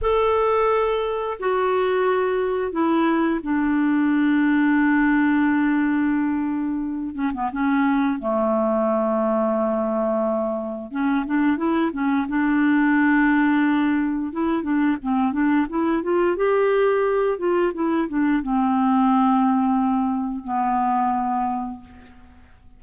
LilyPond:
\new Staff \with { instrumentName = "clarinet" } { \time 4/4 \tempo 4 = 88 a'2 fis'2 | e'4 d'2.~ | d'2~ d'8 cis'16 b16 cis'4 | a1 |
cis'8 d'8 e'8 cis'8 d'2~ | d'4 e'8 d'8 c'8 d'8 e'8 f'8 | g'4. f'8 e'8 d'8 c'4~ | c'2 b2 | }